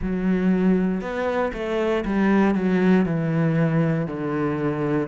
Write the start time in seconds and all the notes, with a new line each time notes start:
0.01 F#3
1.01 B3
1.53 A3
2.05 G3
2.54 F#3
3.05 E3
4.07 D3